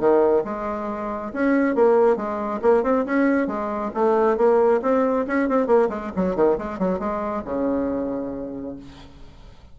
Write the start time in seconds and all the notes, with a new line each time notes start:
0.00 D#3
0.45 G#3
1.34 C#4
1.76 A#3
2.17 G#3
2.62 A#3
2.84 C4
3.06 C#4
3.48 G#3
3.95 A3
4.38 A#3
4.83 C4
5.28 C#4
5.49 C4
5.67 A#3
5.90 G#3
6.16 F#3
6.36 D#3
6.59 G#3
6.79 F#3
7.00 G#3
7.45 C#3